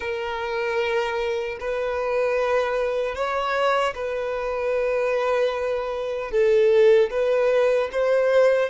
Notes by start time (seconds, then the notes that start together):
0.00 A#4
1.60 B4
3.15 C#5
3.95 B4
6.31 A4
7.10 B4
7.92 C5